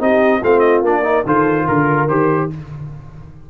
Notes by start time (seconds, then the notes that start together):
0.00 C4 D#4 G4 D#5
0.40 A3 C4 F4 F5
0.60 D#5
0.82 A#3 D4 D5
1.04 D#4 A#4
1.26 D#3 F4 A4 C5
1.66 D3 A#4
2.07 D#3 G4 C5